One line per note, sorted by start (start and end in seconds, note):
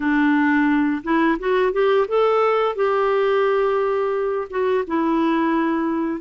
0.00 1.02 D4
1.03 1.38 E4
1.39 1.72 F#4
1.72 2.07 G4
2.08 2.75 A4
2.75 4.48 G4
4.50 4.84 F#4
4.87 6.20 E4